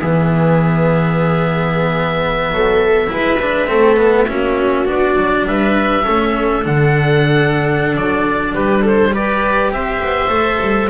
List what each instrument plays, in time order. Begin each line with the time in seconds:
0.00 double bass E3, cello B3, viola G#4, oboe E5
2.51 double bass F#3, viola A4
3.07 double bass G#3, cello E4, viola B4
3.42 cello D4
3.67 double bass A3, cello C4, viola A4
3.96 cello B3
4.28 double bass A#3, cello C#4, viola F#4
4.85 double bass B3, cello D4, oboe D5
5.16 double bass F#3
5.46 double bass G3, viola B4, oboe E5
6.03 double bass A3, cello C#4, viola A4
6.62 double bass D3, cello D4, oboe F#5
7.96 double bass F#3, oboe D5
8.54 double bass G3, viola G4, oboe B4
8.82 viola A4, oboe C5
9.11 cello G4, viola B4, oboe D5
9.71 double bass C4, viola C5, oboe E5
10.02 double bass B3
10.29 double bass A3, cello A4
10.60 double bass G3